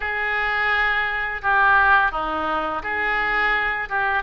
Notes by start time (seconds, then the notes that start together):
0.00 G#4
1.41 G4
2.11 D#4
2.82 G#4
3.89 G4